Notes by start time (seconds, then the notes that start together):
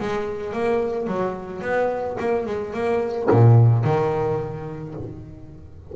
0.00 G#3
0.53 A#3
1.08 F#3
1.62 B3
2.20 A#3
2.46 G#3
2.74 A#3
3.31 A#2
3.85 D#3